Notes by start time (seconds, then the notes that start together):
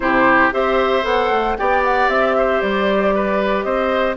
0.00 C3 E4 G4 C5
0.52 C4 G4 C5 E5
1.02 B3 A4 F#5
1.30 A3
1.57 B3 G4 D5 G5
1.84 F#5
2.08 C4 E5
2.37 C5
2.61 G3 D5
3.14 B4
3.62 C4 C5 D#5